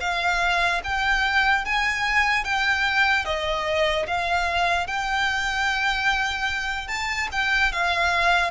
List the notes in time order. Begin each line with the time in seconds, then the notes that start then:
0.00 F5
0.84 G5
1.65 G#5
2.44 G5
3.25 D#5
4.07 F5
4.87 G5
6.87 A5
7.32 G5
7.72 F5